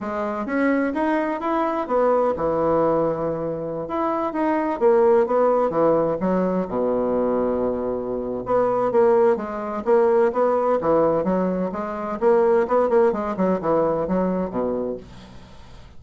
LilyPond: \new Staff \with { instrumentName = "bassoon" } { \time 4/4 \tempo 4 = 128 gis4 cis'4 dis'4 e'4 | b4 e2.~ | e16 e'4 dis'4 ais4 b8.~ | b16 e4 fis4 b,4.~ b,16~ |
b,2 b4 ais4 | gis4 ais4 b4 e4 | fis4 gis4 ais4 b8 ais8 | gis8 fis8 e4 fis4 b,4 | }